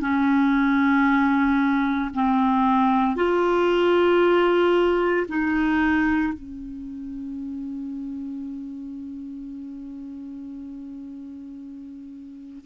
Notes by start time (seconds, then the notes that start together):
0.00 C#4
2.13 C4
3.15 F4
5.28 D#4
6.33 C#4